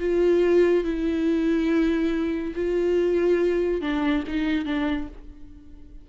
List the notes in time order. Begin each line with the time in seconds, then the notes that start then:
0.00 F4
0.84 E4
2.56 F4
3.82 D4
4.28 D#4
4.66 D4